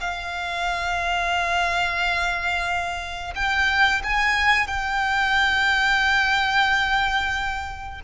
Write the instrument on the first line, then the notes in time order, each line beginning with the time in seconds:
violin
0.00 F5
3.35 G5
4.04 G#5
4.67 G5